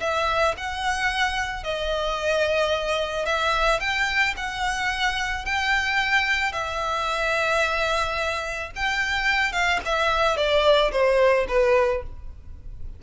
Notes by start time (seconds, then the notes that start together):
0.00 E5
0.57 F#5
1.63 D#5
3.26 E5
3.80 G5
4.37 F#5
5.45 G5
6.53 E5
8.75 G5
9.52 F5
9.85 E5
10.37 D5
10.92 C5
11.48 B4